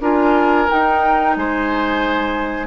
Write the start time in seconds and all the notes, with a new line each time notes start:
0.00 D4 F4 A#4 G#5
0.69 D#4 G5
1.36 G#3 C5 G#5